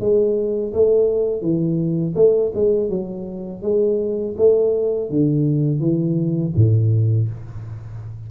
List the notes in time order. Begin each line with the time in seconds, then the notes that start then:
0.00 G#3
0.74 A3
1.41 E3
2.16 A3
2.55 G#3
2.90 F#3
3.63 G#3
4.37 A3
5.10 D3
5.80 E3
6.56 A2